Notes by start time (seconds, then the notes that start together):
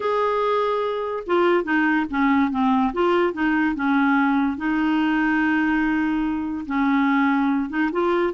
0.00 G#4
1.26 F4
1.64 D#4
2.09 C#4
2.51 C4
2.93 F4
3.33 D#4
3.75 C#4
4.57 D#4
6.66 C#4
7.69 D#4
7.91 F4